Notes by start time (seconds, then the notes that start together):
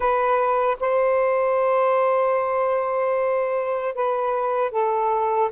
0.00 B4
0.80 C5
3.94 B4
4.71 A4